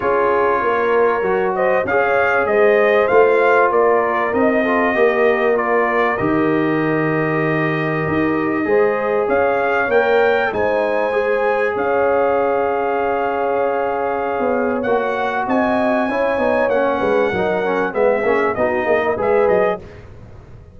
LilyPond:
<<
  \new Staff \with { instrumentName = "trumpet" } { \time 4/4 \tempo 4 = 97 cis''2~ cis''8 dis''8 f''4 | dis''4 f''4 d''4 dis''4~ | dis''4 d''4 dis''2~ | dis''2. f''4 |
g''4 gis''2 f''4~ | f''1 | fis''4 gis''2 fis''4~ | fis''4 e''4 dis''4 e''8 dis''8 | }
  \new Staff \with { instrumentName = "horn" } { \time 4/4 gis'4 ais'4. c''8 cis''4 | c''2 ais'4. a'8 | ais'1~ | ais'2 c''4 cis''4~ |
cis''4 c''2 cis''4~ | cis''1~ | cis''4 dis''4 cis''4. b'8 | ais'4 gis'4 fis'8 gis'16 ais'16 b'4 | }
  \new Staff \with { instrumentName = "trombone" } { \time 4/4 f'2 fis'4 gis'4~ | gis'4 f'2 dis'8 f'8 | g'4 f'4 g'2~ | g'2 gis'2 |
ais'4 dis'4 gis'2~ | gis'1 | fis'2 e'8 dis'8 cis'4 | dis'8 cis'8 b8 cis'8 dis'4 gis'4 | }
  \new Staff \with { instrumentName = "tuba" } { \time 4/4 cis'4 ais4 fis4 cis'4 | gis4 a4 ais4 c'4 | ais2 dis2~ | dis4 dis'4 gis4 cis'4 |
ais4 gis2 cis'4~ | cis'2.~ cis'16 b8. | ais4 c'4 cis'8 b8 ais8 gis8 | fis4 gis8 ais8 b8 ais8 gis8 fis8 | }
>>